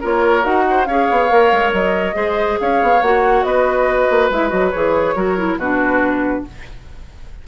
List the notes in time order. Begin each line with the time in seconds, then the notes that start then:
0.00 A#3 F4 A#4 C#5
0.42 D#4 F#4 F#5
0.70 C5
0.85 C#4 G#4 C#5 F5
1.11 B3
1.29 A#3 A#4
1.52 G#3
1.72 F#3 D#5
2.14 G#3 G#4 C5
2.60 C#4 C#5 F5
2.82 B3
3.02 A#3 F#4 F#5
3.43 B3 B4 D#5
4.10 A#3
4.30 G#3 E4 E5
4.49 F#3 F#4 D#5
4.71 E3 G#4 C#5
5.15 F#3 F#4 A#4
5.37 E4
5.57 B2 D4 F#4 B4